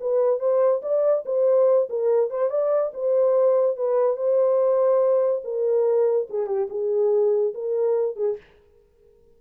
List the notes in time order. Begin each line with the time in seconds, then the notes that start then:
0.00 B4
0.39 C5
0.82 D5
1.25 C5
1.89 A#4
2.30 C5
2.50 D5
2.94 C5
3.76 B4
4.16 C5
5.44 A#4
6.30 G#4
6.47 G4
6.70 G#4
7.54 A#4
8.16 G#4